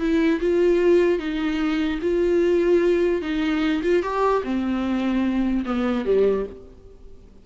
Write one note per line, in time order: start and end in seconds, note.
0.00 0.40 E4
0.41 1.19 F4
1.19 2.00 D#4
2.02 3.22 F4
3.22 3.83 D#4
3.83 4.03 F4
4.03 4.43 G4
4.44 5.65 C4
5.66 6.06 B3
6.06 6.46 G3